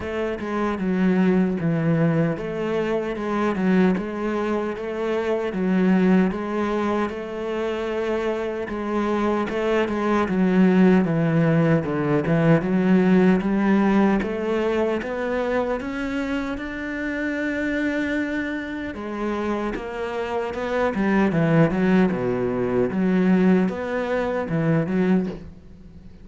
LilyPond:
\new Staff \with { instrumentName = "cello" } { \time 4/4 \tempo 4 = 76 a8 gis8 fis4 e4 a4 | gis8 fis8 gis4 a4 fis4 | gis4 a2 gis4 | a8 gis8 fis4 e4 d8 e8 |
fis4 g4 a4 b4 | cis'4 d'2. | gis4 ais4 b8 g8 e8 fis8 | b,4 fis4 b4 e8 fis8 | }